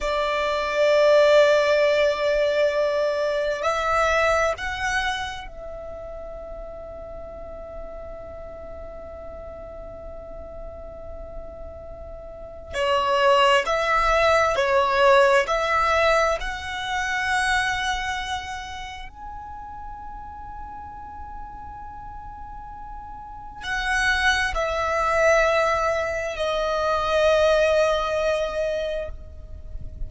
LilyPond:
\new Staff \with { instrumentName = "violin" } { \time 4/4 \tempo 4 = 66 d''1 | e''4 fis''4 e''2~ | e''1~ | e''2 cis''4 e''4 |
cis''4 e''4 fis''2~ | fis''4 gis''2.~ | gis''2 fis''4 e''4~ | e''4 dis''2. | }